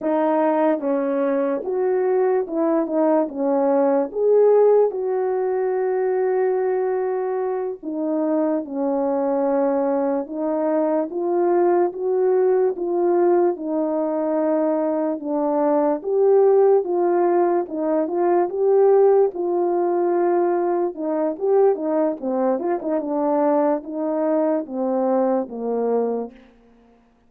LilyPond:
\new Staff \with { instrumentName = "horn" } { \time 4/4 \tempo 4 = 73 dis'4 cis'4 fis'4 e'8 dis'8 | cis'4 gis'4 fis'2~ | fis'4. dis'4 cis'4.~ | cis'8 dis'4 f'4 fis'4 f'8~ |
f'8 dis'2 d'4 g'8~ | g'8 f'4 dis'8 f'8 g'4 f'8~ | f'4. dis'8 g'8 dis'8 c'8 f'16 dis'16 | d'4 dis'4 c'4 ais4 | }